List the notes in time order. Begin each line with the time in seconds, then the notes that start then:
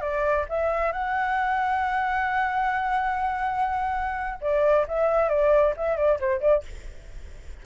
0.00 D5
0.49 E5
0.92 F#5
4.41 D5
4.87 E5
5.29 D5
5.76 E5
5.96 D5
6.20 C5
6.40 D5